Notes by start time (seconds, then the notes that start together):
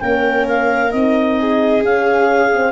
0.00 A#3 C#4 A#4 G5
0.48 F5
0.91 C4 D#4 D#5
1.39 G#4
1.83 C#4 F5
2.52 C4